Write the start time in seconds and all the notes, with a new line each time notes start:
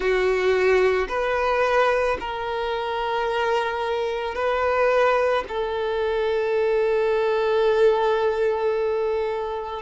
0.00 F#4
1.08 B4
2.20 A#4
4.34 B4
5.48 A4